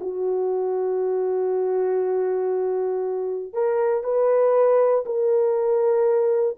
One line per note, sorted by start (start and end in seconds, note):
0.00 3.53 F#4
3.53 4.03 A#4
4.03 5.04 B4
5.05 6.57 A#4